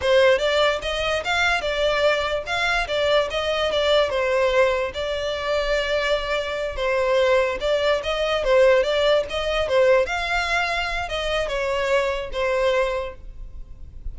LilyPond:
\new Staff \with { instrumentName = "violin" } { \time 4/4 \tempo 4 = 146 c''4 d''4 dis''4 f''4 | d''2 f''4 d''4 | dis''4 d''4 c''2 | d''1~ |
d''8 c''2 d''4 dis''8~ | dis''8 c''4 d''4 dis''4 c''8~ | c''8 f''2~ f''8 dis''4 | cis''2 c''2 | }